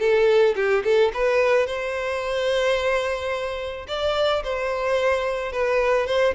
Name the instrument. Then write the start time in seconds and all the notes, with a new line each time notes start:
violin
0.00 A4
0.56 G4
0.85 A4
1.14 B4
1.67 C5
3.88 D5
4.44 C5
5.52 B4
6.07 C5